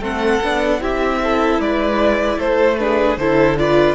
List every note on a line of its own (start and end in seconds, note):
0.00 0.39 A3
0.00 0.41 C4
0.00 0.80 A4
0.00 0.83 F#5
0.42 0.81 B3
0.42 0.80 D4
0.80 1.59 C4
0.80 2.78 E4
0.80 1.21 G4
0.80 1.60 E5
1.23 1.61 A4
1.59 2.38 G#3
1.59 2.38 B4
1.59 2.39 D5
2.38 3.17 A3
2.38 2.77 A4
2.38 2.78 C5
2.78 3.19 D4
2.78 3.20 G#4
2.78 3.17 B4
3.17 3.95 D3
3.17 3.58 E4
3.17 3.59 A4
3.17 3.57 C5
3.58 3.95 F4
3.58 3.95 B4
3.58 3.95 D5